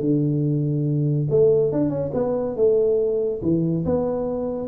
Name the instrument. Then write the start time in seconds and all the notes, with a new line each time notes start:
tuba
0.00 D3
1.30 A3
1.72 D4
1.90 C#4
2.14 B3
2.56 A3
3.42 E3
3.85 B3